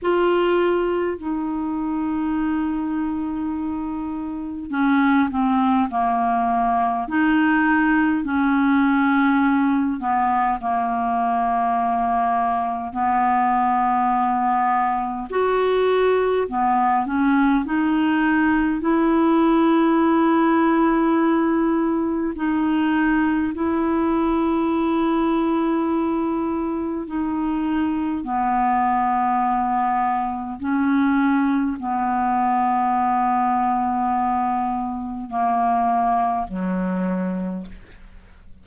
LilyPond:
\new Staff \with { instrumentName = "clarinet" } { \time 4/4 \tempo 4 = 51 f'4 dis'2. | cis'8 c'8 ais4 dis'4 cis'4~ | cis'8 b8 ais2 b4~ | b4 fis'4 b8 cis'8 dis'4 |
e'2. dis'4 | e'2. dis'4 | b2 cis'4 b4~ | b2 ais4 fis4 | }